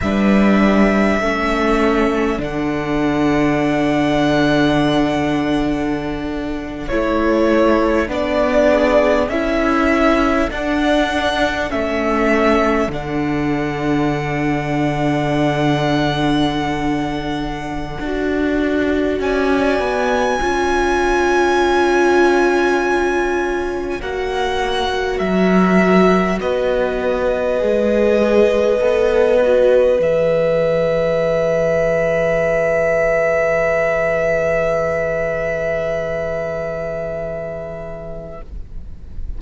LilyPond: <<
  \new Staff \with { instrumentName = "violin" } { \time 4/4 \tempo 4 = 50 e''2 fis''2~ | fis''4.~ fis''16 cis''4 d''4 e''16~ | e''8. fis''4 e''4 fis''4~ fis''16~ | fis''1 |
gis''1 | fis''4 e''4 dis''2~ | dis''4 e''2.~ | e''1 | }
  \new Staff \with { instrumentName = "violin" } { \time 4/4 b'4 a'2.~ | a'2.~ a'16 gis'8 a'16~ | a'1~ | a'1 |
d''4 cis''2.~ | cis''4 ais'4 b'2~ | b'1~ | b'1 | }
  \new Staff \with { instrumentName = "viola" } { \time 4/4 d'4 cis'4 d'2~ | d'4.~ d'16 e'4 d'4 e'16~ | e'8. d'4 cis'4 d'4~ d'16~ | d'2. fis'4~ |
fis'4 f'2. | fis'2. gis'4 | a'8 fis'8 gis'2.~ | gis'1 | }
  \new Staff \with { instrumentName = "cello" } { \time 4/4 g4 a4 d2~ | d4.~ d16 a4 b4 cis'16~ | cis'8. d'4 a4 d4~ d16~ | d2. d'4 |
cis'8 b8 cis'2. | ais4 fis4 b4 gis4 | b4 e2.~ | e1 | }
>>